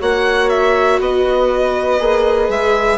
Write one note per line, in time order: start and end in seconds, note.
0.00 1.00 A#3
0.00 2.00 F#4
0.00 1.00 C#5
0.00 0.49 F#5
0.49 0.99 E5
1.00 2.00 B3
1.00 2.99 B4
1.00 2.51 D#5
2.00 2.49 A#3
2.00 2.99 G#4
2.49 2.99 G#3
2.49 2.99 E5